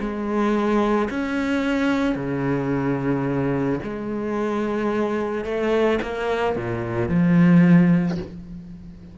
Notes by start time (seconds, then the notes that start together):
0.00 G#3
1.10 C#4
2.16 C#3
3.84 G#3
5.45 A3
6.02 A#3
6.56 A#2
7.09 F3